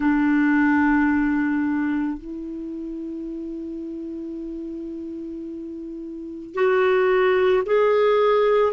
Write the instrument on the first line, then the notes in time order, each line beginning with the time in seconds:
clarinet
0.00 D4
2.18 E4
6.54 F#4
7.66 G#4